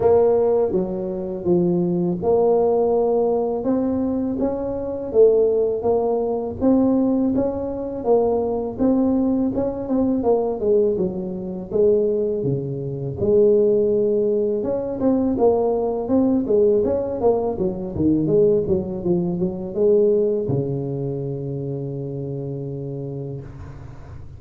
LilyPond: \new Staff \with { instrumentName = "tuba" } { \time 4/4 \tempo 4 = 82 ais4 fis4 f4 ais4~ | ais4 c'4 cis'4 a4 | ais4 c'4 cis'4 ais4 | c'4 cis'8 c'8 ais8 gis8 fis4 |
gis4 cis4 gis2 | cis'8 c'8 ais4 c'8 gis8 cis'8 ais8 | fis8 dis8 gis8 fis8 f8 fis8 gis4 | cis1 | }